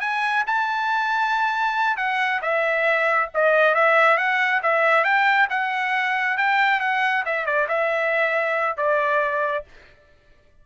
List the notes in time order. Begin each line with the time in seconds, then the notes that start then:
0.00 G#5
0.46 A5
1.97 F#5
2.42 E5
3.34 D#5
3.74 E5
4.17 F#5
4.62 E5
5.04 G5
5.49 F#5
6.37 G5
6.80 F#5
7.25 E5
7.45 D5
7.68 E5
8.77 D5